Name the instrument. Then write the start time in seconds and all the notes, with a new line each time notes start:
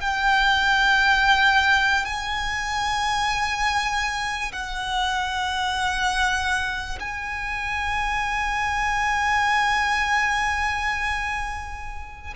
violin
0.00 G5
2.05 G#5
4.52 F#5
6.99 G#5